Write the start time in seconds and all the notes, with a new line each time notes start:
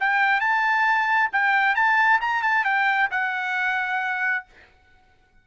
0.00 G5
0.41 A5
1.32 G5
1.75 A5
2.21 A#5
2.42 A5
2.64 G5
3.11 F#5